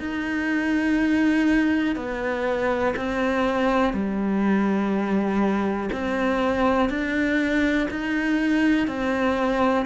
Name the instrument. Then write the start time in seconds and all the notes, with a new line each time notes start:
cello
0.00 D#4
1.96 B3
2.96 C4
3.93 G3
5.92 C4
6.90 D4
7.91 D#4
8.87 C4